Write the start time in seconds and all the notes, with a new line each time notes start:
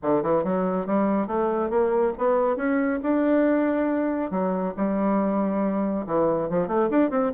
0.02 D3
0.23 E3
0.44 F#3
0.86 G3
1.27 A3
1.70 A#3
2.17 B3
2.56 C#4
3.02 D4
4.30 F#3
4.76 G3
6.06 E3
6.49 F3
6.67 A3
6.90 D4
7.10 C4